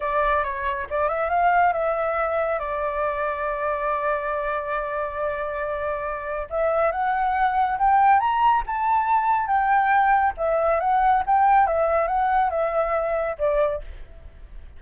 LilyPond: \new Staff \with { instrumentName = "flute" } { \time 4/4 \tempo 4 = 139 d''4 cis''4 d''8 e''8 f''4 | e''2 d''2~ | d''1~ | d''2. e''4 |
fis''2 g''4 ais''4 | a''2 g''2 | e''4 fis''4 g''4 e''4 | fis''4 e''2 d''4 | }